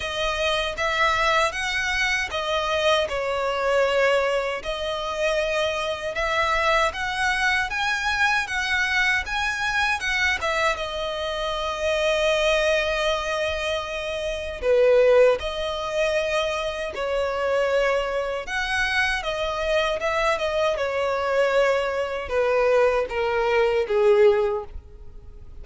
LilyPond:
\new Staff \with { instrumentName = "violin" } { \time 4/4 \tempo 4 = 78 dis''4 e''4 fis''4 dis''4 | cis''2 dis''2 | e''4 fis''4 gis''4 fis''4 | gis''4 fis''8 e''8 dis''2~ |
dis''2. b'4 | dis''2 cis''2 | fis''4 dis''4 e''8 dis''8 cis''4~ | cis''4 b'4 ais'4 gis'4 | }